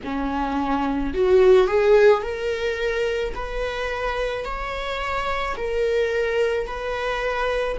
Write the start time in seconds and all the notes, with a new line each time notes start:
0.04 C#4
1.14 F#4
1.67 G#4
2.22 A#4
3.34 B4
4.44 C#5
5.57 A#4
6.66 B4